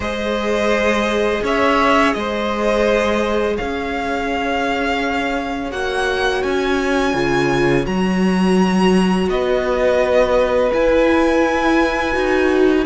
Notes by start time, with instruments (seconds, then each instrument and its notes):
0.00 cello G#3, viola G#4, violin C5 D#5
1.43 cello C#4, violin C#5 E5
2.13 cello G#3, violin C5 D#5
3.56 cello C#4, violin C#5 F5
5.71 cello A#3, viola F#4, violin F#5
6.42 cello C#4, violin G#5
7.14 cello C#3, viola F4
7.84 cello F#3, viola F#4, violin A#5
9.28 cello B3, violin B4 D#5
10.72 viola E4, cello E4, violin G#5
12.12 cello D#4, viola F#4